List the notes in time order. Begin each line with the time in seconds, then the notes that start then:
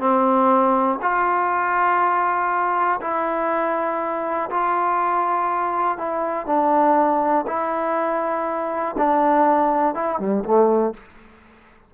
0.00 C4
1.02 F4
3.01 E4
4.51 F4
5.98 E4
6.47 D4
7.47 E4
8.98 D4
9.95 E4
10.19 G3
10.44 A3